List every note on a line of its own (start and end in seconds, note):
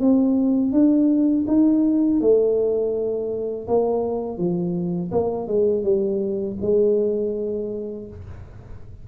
0.00 0.73 C4
0.73 1.46 D4
1.48 2.21 D#4
2.21 3.68 A3
3.68 4.38 A#3
4.38 5.11 F3
5.12 5.47 A#3
5.47 5.84 G#3
5.84 6.57 G3
6.62 8.08 G#3